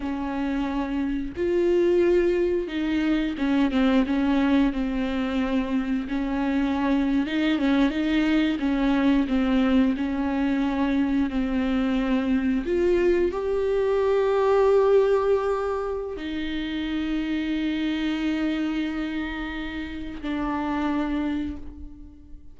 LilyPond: \new Staff \with { instrumentName = "viola" } { \time 4/4 \tempo 4 = 89 cis'2 f'2 | dis'4 cis'8 c'8 cis'4 c'4~ | c'4 cis'4.~ cis'16 dis'8 cis'8 dis'16~ | dis'8. cis'4 c'4 cis'4~ cis'16~ |
cis'8. c'2 f'4 g'16~ | g'1 | dis'1~ | dis'2 d'2 | }